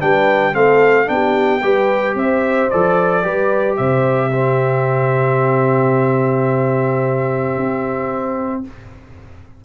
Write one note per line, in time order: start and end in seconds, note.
0.00 0.56 G3
0.00 0.53 D4
0.00 0.52 B4
0.00 0.54 G5
0.52 1.09 A3
0.52 1.06 C4
0.52 1.07 A4
0.52 1.08 F5
1.06 1.62 B3
1.06 1.60 D4
1.06 2.17 G5
1.12 1.62 G4
1.62 2.15 G3
1.62 2.71 G4
1.62 2.16 B4
2.15 2.69 C4
2.15 3.24 C5
2.15 2.70 E5
2.70 3.25 F3
2.70 3.23 A4
2.70 3.76 D5
3.23 3.79 G3
3.23 4.31 G4
3.23 3.78 B4
3.76 7.57 C3
3.76 4.29 C5
3.76 8.63 E5
4.29 8.64 C4
4.29 8.61 G4
7.57 8.65 C4